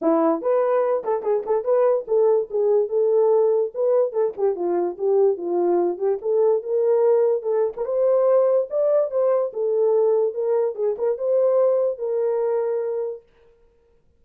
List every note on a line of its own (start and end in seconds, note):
0.01 0.41 E4
0.41 1.03 B4
1.03 1.22 A4
1.22 1.43 G#4
1.46 1.64 A4
1.64 2.05 B4
2.07 2.48 A4
2.50 2.89 G#4
2.89 3.71 A4
3.74 4.12 B4
4.12 4.33 A4
4.37 4.55 G4
4.55 4.97 F4
4.97 5.37 G4
5.37 5.97 F4
5.97 6.18 G4
6.21 6.62 A4
6.62 7.42 A#4
7.42 7.73 A4
7.76 7.85 A#4
7.85 8.67 C5
8.70 9.10 D5
9.10 9.52 C5
9.53 10.34 A4
10.34 10.75 A#4
10.75 10.96 G#4
10.97 11.17 A#4
11.17 11.98 C5
11.98 13.22 A#4